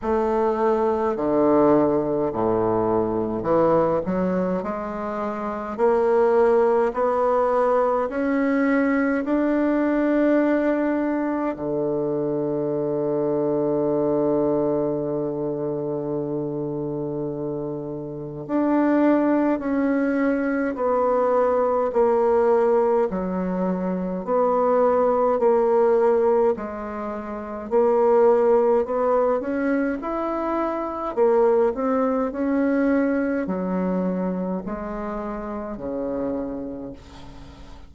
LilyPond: \new Staff \with { instrumentName = "bassoon" } { \time 4/4 \tempo 4 = 52 a4 d4 a,4 e8 fis8 | gis4 ais4 b4 cis'4 | d'2 d2~ | d1 |
d'4 cis'4 b4 ais4 | fis4 b4 ais4 gis4 | ais4 b8 cis'8 e'4 ais8 c'8 | cis'4 fis4 gis4 cis4 | }